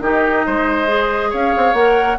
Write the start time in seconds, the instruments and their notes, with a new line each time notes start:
0.00 bassoon D#3, clarinet D#4, oboe G4, flute D#5
0.45 bassoon G#3, oboe C5
0.87 clarinet G#4
1.30 bassoon C#4, oboe C#5, flute F5
1.56 bassoon C4
1.73 bassoon A#3, clarinet A#4, flute F#5